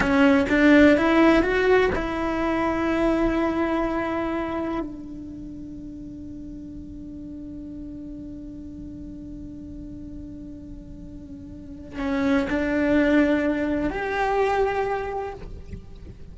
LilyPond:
\new Staff \with { instrumentName = "cello" } { \time 4/4 \tempo 4 = 125 cis'4 d'4 e'4 fis'4 | e'1~ | e'2 d'2~ | d'1~ |
d'1~ | d'1~ | d'4 cis'4 d'2~ | d'4 g'2. | }